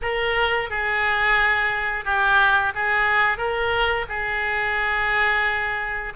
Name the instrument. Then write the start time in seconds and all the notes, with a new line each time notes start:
oboe
0.02 A#4
0.70 G#4
2.04 G4
2.74 G#4
3.37 A#4
4.08 G#4